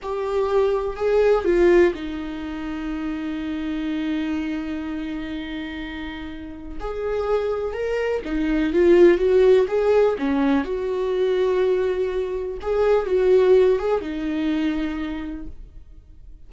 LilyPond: \new Staff \with { instrumentName = "viola" } { \time 4/4 \tempo 4 = 124 g'2 gis'4 f'4 | dis'1~ | dis'1~ | dis'2 gis'2 |
ais'4 dis'4 f'4 fis'4 | gis'4 cis'4 fis'2~ | fis'2 gis'4 fis'4~ | fis'8 gis'8 dis'2. | }